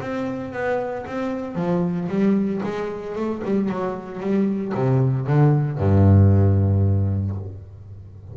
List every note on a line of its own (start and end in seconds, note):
0.00 0.53 C4
0.53 1.05 B3
1.06 1.55 C4
1.55 2.08 F3
2.08 2.61 G3
2.63 3.16 G#3
3.16 3.42 A3
3.44 3.68 G3
3.68 4.20 F#3
4.20 4.72 G3
4.74 5.27 C3
5.27 5.78 D3
5.78 7.35 G2